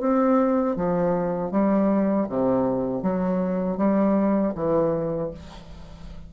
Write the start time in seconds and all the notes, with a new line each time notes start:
0.00 C4
0.76 F3
1.51 G3
2.29 C3
3.02 F#3
3.77 G3
4.55 E3